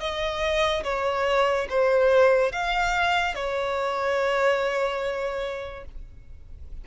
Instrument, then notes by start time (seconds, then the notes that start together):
violin
0.00 D#5
0.84 C#5
1.70 C5
2.52 F5
3.35 C#5